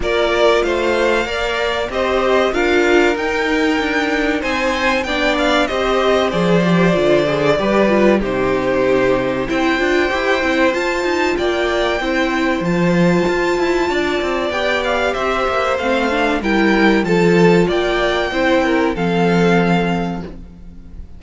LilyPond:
<<
  \new Staff \with { instrumentName = "violin" } { \time 4/4 \tempo 4 = 95 d''4 f''2 dis''4 | f''4 g''2 gis''4 | g''8 f''8 dis''4 d''2~ | d''4 c''2 g''4~ |
g''4 a''4 g''2 | a''2. g''8 f''8 | e''4 f''4 g''4 a''4 | g''2 f''2 | }
  \new Staff \with { instrumentName = "violin" } { \time 4/4 ais'4 c''4 d''4 c''4 | ais'2. c''4 | d''4 c''2. | b'4 g'2 c''4~ |
c''2 d''4 c''4~ | c''2 d''2 | c''2 ais'4 a'4 | d''4 c''8 ais'8 a'2 | }
  \new Staff \with { instrumentName = "viola" } { \time 4/4 f'2 ais'4 g'4 | f'4 dis'2. | d'4 g'4 gis'8 g'8 f'8 gis'8 | g'8 f'8 dis'2 e'8 f'8 |
g'8 e'8 f'2 e'4 | f'2. g'4~ | g'4 c'8 d'8 e'4 f'4~ | f'4 e'4 c'2 | }
  \new Staff \with { instrumentName = "cello" } { \time 4/4 ais4 a4 ais4 c'4 | d'4 dis'4 d'4 c'4 | b4 c'4 f4 d4 | g4 c2 c'8 d'8 |
e'8 c'8 f'8 dis'8 ais4 c'4 | f4 f'8 e'8 d'8 c'8 b4 | c'8 ais8 a4 g4 f4 | ais4 c'4 f2 | }
>>